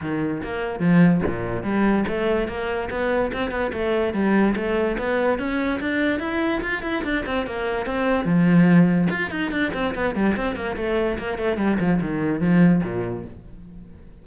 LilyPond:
\new Staff \with { instrumentName = "cello" } { \time 4/4 \tempo 4 = 145 dis4 ais4 f4 ais,4 | g4 a4 ais4 b4 | c'8 b8 a4 g4 a4 | b4 cis'4 d'4 e'4 |
f'8 e'8 d'8 c'8 ais4 c'4 | f2 f'8 dis'8 d'8 c'8 | b8 g8 c'8 ais8 a4 ais8 a8 | g8 f8 dis4 f4 ais,4 | }